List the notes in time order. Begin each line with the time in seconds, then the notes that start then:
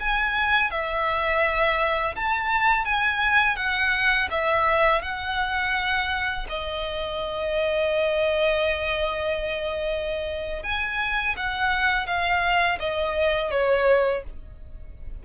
0.00 G#5
0.71 E5
2.16 A5
2.85 G#5
3.57 F#5
4.31 E5
5.02 F#5
6.49 D#5
10.63 G#5
11.37 F#5
12.07 F5
12.80 D#5
13.51 C#5